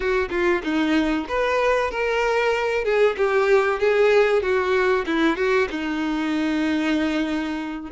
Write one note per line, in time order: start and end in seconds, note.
0.00 0.28 F#4
0.30 0.61 F4
0.63 1.26 D#4
1.28 1.90 B4
1.90 2.84 A#4
2.84 3.16 G#4
3.17 3.79 G4
3.79 4.42 G#4
4.42 5.05 F#4
5.06 5.36 E4
5.36 5.68 F#4
5.70 7.91 D#4